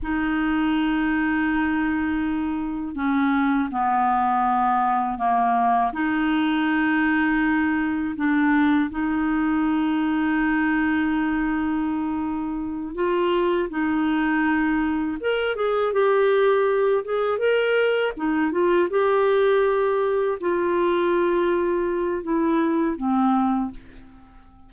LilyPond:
\new Staff \with { instrumentName = "clarinet" } { \time 4/4 \tempo 4 = 81 dis'1 | cis'4 b2 ais4 | dis'2. d'4 | dis'1~ |
dis'4. f'4 dis'4.~ | dis'8 ais'8 gis'8 g'4. gis'8 ais'8~ | ais'8 dis'8 f'8 g'2 f'8~ | f'2 e'4 c'4 | }